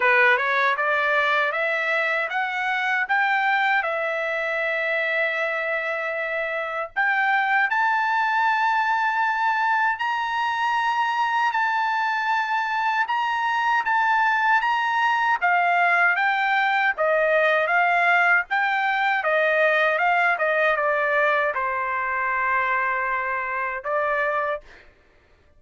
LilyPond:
\new Staff \with { instrumentName = "trumpet" } { \time 4/4 \tempo 4 = 78 b'8 cis''8 d''4 e''4 fis''4 | g''4 e''2.~ | e''4 g''4 a''2~ | a''4 ais''2 a''4~ |
a''4 ais''4 a''4 ais''4 | f''4 g''4 dis''4 f''4 | g''4 dis''4 f''8 dis''8 d''4 | c''2. d''4 | }